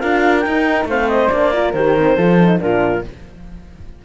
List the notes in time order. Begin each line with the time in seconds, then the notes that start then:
0.00 D4 F4 A#4 F5
0.40 G5
0.47 D#4
0.85 A3 C4 C5 F5
1.09 D#5
1.29 A#3 D4 D5
1.53 F4 A#4
1.73 D#3 G4 C5
1.99 C4
2.17 F3 F4 A4
2.40 D#4
2.59 A#2 D4 F4 A#4